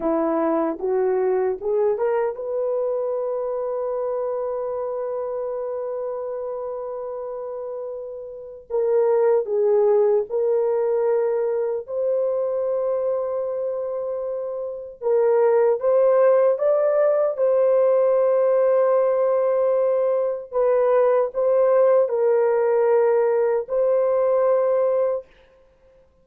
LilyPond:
\new Staff \with { instrumentName = "horn" } { \time 4/4 \tempo 4 = 76 e'4 fis'4 gis'8 ais'8 b'4~ | b'1~ | b'2. ais'4 | gis'4 ais'2 c''4~ |
c''2. ais'4 | c''4 d''4 c''2~ | c''2 b'4 c''4 | ais'2 c''2 | }